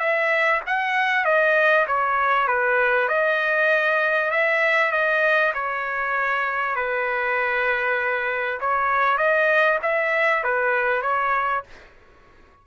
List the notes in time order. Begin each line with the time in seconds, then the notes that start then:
0.00 E5
0.67 F#5
1.25 D#5
1.88 C#5
2.48 B4
3.09 D#5
4.31 E5
4.92 D#5
5.54 C#5
6.76 B4
8.61 C#5
9.18 D#5
9.83 E5
10.44 B4
11.03 C#5